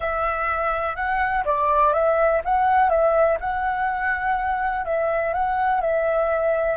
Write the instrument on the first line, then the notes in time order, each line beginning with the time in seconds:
flute
0.00 E5
0.95 F#5
1.45 D5
1.93 E5
2.44 F#5
2.89 E5
3.40 F#5
4.85 E5
5.33 F#5
5.80 E5